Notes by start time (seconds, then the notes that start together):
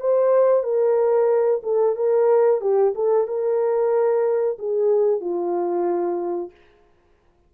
0.00 C5
0.63 A#4
1.63 A4
1.96 A#4
2.61 G4
2.95 A4
3.27 A#4
4.59 G#4
5.20 F4